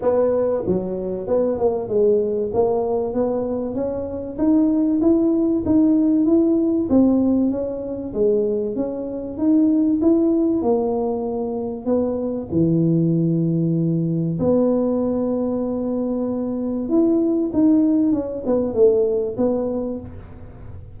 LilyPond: \new Staff \with { instrumentName = "tuba" } { \time 4/4 \tempo 4 = 96 b4 fis4 b8 ais8 gis4 | ais4 b4 cis'4 dis'4 | e'4 dis'4 e'4 c'4 | cis'4 gis4 cis'4 dis'4 |
e'4 ais2 b4 | e2. b4~ | b2. e'4 | dis'4 cis'8 b8 a4 b4 | }